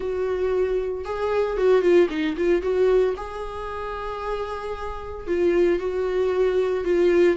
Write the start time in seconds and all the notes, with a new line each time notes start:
0.00 F#4
1.04 G#4
1.57 F#4
1.81 F4
2.09 D#4
2.36 F4
2.61 F#4
3.17 G#4
5.27 F4
5.79 F#4
6.84 F4